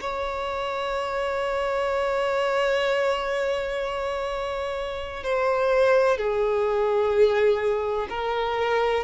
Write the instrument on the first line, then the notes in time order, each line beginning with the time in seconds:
violin
0.00 C#5
5.23 C5
6.17 G#4
8.09 A#4